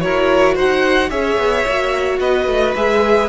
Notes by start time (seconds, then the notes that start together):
0.00 E4 F#4 A#4 C#5
0.54 D#4 C5 F#5
1.10 C#4 G#4 C#5 E5
1.37 B3
1.67 A#3 F#4
2.19 B3 B4 D#5
2.46 A3
2.75 G#3 G#4 E5